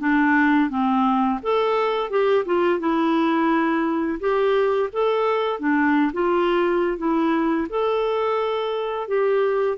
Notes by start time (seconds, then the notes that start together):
0.00 D4
0.70 C4
1.42 A4
2.10 G4
2.45 F4
2.79 E4
4.20 G4
4.93 A4
5.59 D4
6.13 F4
6.98 E4
7.69 A4
9.08 G4